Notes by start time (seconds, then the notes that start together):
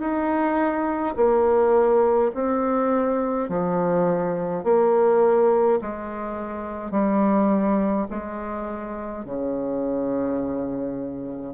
0.00 D#4
1.16 A#3
2.34 C4
3.49 F3
4.64 A#3
5.82 G#3
6.91 G3
8.10 G#3
9.25 C#3